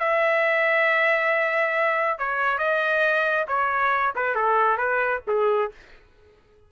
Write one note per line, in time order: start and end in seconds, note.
0.00 2.19 E5
2.19 2.59 C#5
2.59 3.46 D#5
3.48 4.14 C#5
4.16 4.36 B4
4.36 4.78 A4
4.78 5.22 B4
5.28 5.72 G#4